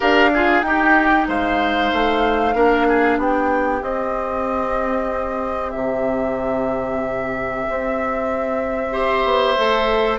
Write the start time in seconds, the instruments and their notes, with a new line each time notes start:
0.00 bassoon D4, clarinet G4, oboe A#4, flute F5
0.33 clarinet F4, oboe G#4
0.62 bassoon D#4, clarinet D#4, oboe G4, flute G5
1.28 bassoon G#3, oboe C5, flute F5
1.93 bassoon A3
2.54 bassoon A#3, clarinet D4, oboe A#4
2.88 oboe G#4
3.17 bassoon B3, oboe G4, flute G5
3.82 clarinet C4, bassoon C4, flute D#5
5.70 bassoon C3, flute E5
7.69 bassoon C4
8.92 clarinet G4, oboe C5
9.24 bassoon B3
9.57 bassoon A3, clarinet A4